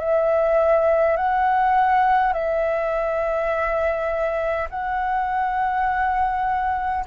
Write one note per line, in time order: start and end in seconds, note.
0.00 1.17 E5
1.17 2.34 F#5
2.34 4.69 E5
4.70 7.05 F#5